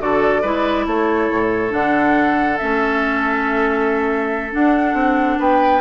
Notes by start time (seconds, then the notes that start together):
0.00 D3 F#4 A4 D5
0.42 G#3 E4 B4
0.86 A3 A4 C#5
1.30 A2
1.70 D3 D4 F#5
2.58 A3 C#4 E5
4.52 D4 F#5
4.94 C4
5.39 B3 B4 G5